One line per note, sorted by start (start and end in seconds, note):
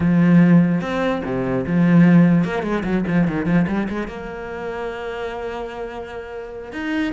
0.00 0.81 F3
0.81 1.22 C4
1.24 1.65 C3
1.66 2.44 F3
2.44 2.63 A#3
2.63 2.83 G#3
2.84 3.04 F#3
3.07 3.27 F3
3.27 3.45 D#3
3.45 3.66 F3
3.67 3.88 G3
3.89 4.07 G#3
4.07 6.72 A#3
6.72 7.12 D#4